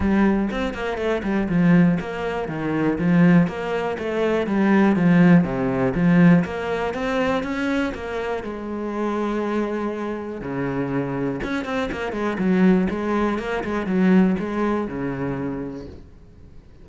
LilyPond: \new Staff \with { instrumentName = "cello" } { \time 4/4 \tempo 4 = 121 g4 c'8 ais8 a8 g8 f4 | ais4 dis4 f4 ais4 | a4 g4 f4 c4 | f4 ais4 c'4 cis'4 |
ais4 gis2.~ | gis4 cis2 cis'8 c'8 | ais8 gis8 fis4 gis4 ais8 gis8 | fis4 gis4 cis2 | }